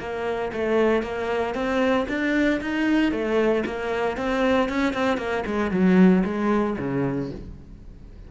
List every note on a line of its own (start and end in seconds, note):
0.00 0.52 A#3
0.53 1.03 A3
1.03 1.55 A#3
1.55 2.07 C4
2.09 2.61 D4
2.61 3.12 D#4
3.12 3.64 A3
3.67 4.17 A#3
4.17 4.69 C4
4.69 4.94 C#4
4.94 5.18 C4
5.18 5.44 A#3
5.47 5.71 G#3
5.71 6.23 F#3
6.25 6.77 G#3
6.79 7.31 C#3